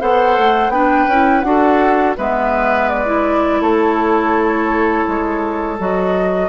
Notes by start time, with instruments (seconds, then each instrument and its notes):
0.00 bassoon B3, clarinet A4, oboe C5, flute F#5
0.38 bassoon A3
0.69 bassoon B3, clarinet D4, oboe B4, flute G5
1.07 bassoon C#4, clarinet E4
1.41 bassoon D4, clarinet F#4, flute F#5
1.48 oboe A4
2.17 bassoon G#3, clarinet B3, oboe B4, flute E5
2.89 flute D5
3.05 clarinet E4
3.60 bassoon A3, oboe A4, flute C#5
5.07 bassoon G#3
5.78 bassoon F#3, clarinet F#4, flute D#5